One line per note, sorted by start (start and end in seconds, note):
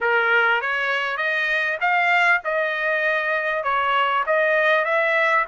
0.00 0.61 A#4
0.61 1.17 C#5
1.17 1.77 D#5
1.80 2.41 F5
2.44 3.63 D#5
3.63 4.24 C#5
4.26 4.84 D#5
4.84 5.45 E5